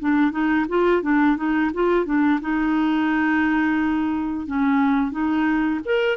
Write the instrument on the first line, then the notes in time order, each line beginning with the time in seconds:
clarinet
0.00 D4
0.31 D#4
0.69 F4
1.02 D4
1.37 D#4
1.74 F4
2.05 D4
2.41 D#4
4.46 C#4
5.11 D#4
5.85 A#4